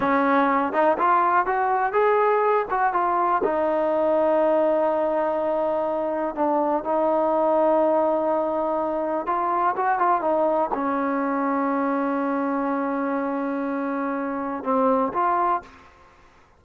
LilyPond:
\new Staff \with { instrumentName = "trombone" } { \time 4/4 \tempo 4 = 123 cis'4. dis'8 f'4 fis'4 | gis'4. fis'8 f'4 dis'4~ | dis'1~ | dis'4 d'4 dis'2~ |
dis'2. f'4 | fis'8 f'8 dis'4 cis'2~ | cis'1~ | cis'2 c'4 f'4 | }